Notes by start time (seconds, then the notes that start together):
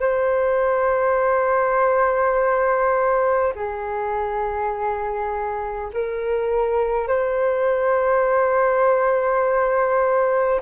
0.00 C5
3.55 G#4
5.93 A#4
7.07 C5